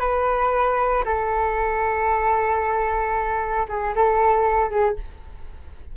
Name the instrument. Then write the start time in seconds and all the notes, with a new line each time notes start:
flute
0.00 B4
1.06 A4
3.69 G#4
3.96 A4
4.70 G#4